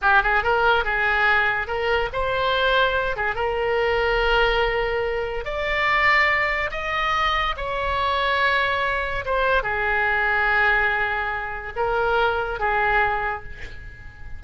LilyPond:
\new Staff \with { instrumentName = "oboe" } { \time 4/4 \tempo 4 = 143 g'8 gis'8 ais'4 gis'2 | ais'4 c''2~ c''8 gis'8 | ais'1~ | ais'4 d''2. |
dis''2 cis''2~ | cis''2 c''4 gis'4~ | gis'1 | ais'2 gis'2 | }